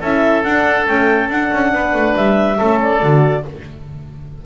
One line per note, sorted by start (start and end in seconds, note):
0.00 0.44 C#4
0.00 0.45 E4
0.00 1.71 A4
0.00 0.43 E5
0.43 0.87 D4
0.43 0.86 F#5
0.87 1.30 A3
0.87 1.30 C#4
0.87 1.29 G5
1.30 1.51 D4
1.30 2.59 D4
1.30 2.16 F#5
1.53 1.73 C#4
1.73 1.93 B3
1.73 2.58 B4
1.93 2.15 A3
2.16 2.59 G3
2.16 2.80 E5
2.58 3.03 A3
2.58 3.02 C#4
2.58 3.43 A4
2.81 3.45 D5
3.02 3.45 D3
3.02 3.45 F#4